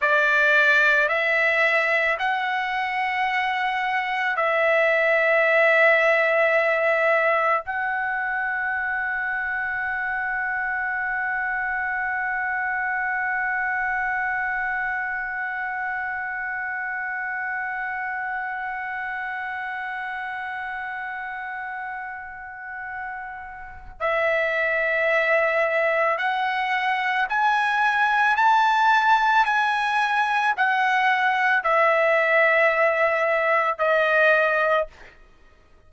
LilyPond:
\new Staff \with { instrumentName = "trumpet" } { \time 4/4 \tempo 4 = 55 d''4 e''4 fis''2 | e''2. fis''4~ | fis''1~ | fis''1~ |
fis''1~ | fis''2 e''2 | fis''4 gis''4 a''4 gis''4 | fis''4 e''2 dis''4 | }